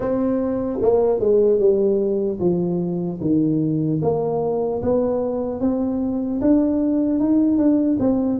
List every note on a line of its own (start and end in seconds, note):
0.00 0.79 C4
0.81 1.19 A#3
1.19 1.59 G#3
1.59 2.39 G3
2.39 3.19 F3
3.20 4.00 D#3
4.02 4.82 A#3
4.82 5.60 B3
5.60 6.40 C4
6.41 7.19 D4
7.19 7.57 D#4
7.57 7.97 D4
7.99 8.39 C4